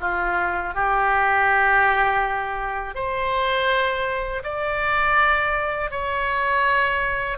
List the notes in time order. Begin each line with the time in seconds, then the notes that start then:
0.00 F4
0.74 G4
2.94 C5
4.43 D5
5.91 C#5